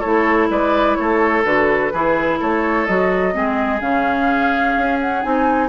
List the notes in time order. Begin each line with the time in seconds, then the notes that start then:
0.00 A3 E4 A4 C#5
0.50 G#3 B4 D5
0.96 A3 A4 C#5
1.45 D3 F#4 B4
1.93 E3 E4 G#4
2.40 A3 A4 C#5
2.86 F#3 F#4 D#5
3.32 G#3 C4 G#4
3.81 C#3 C#4 F5
4.77 C#4
5.01 F#5
5.23 C4 D#4 G#5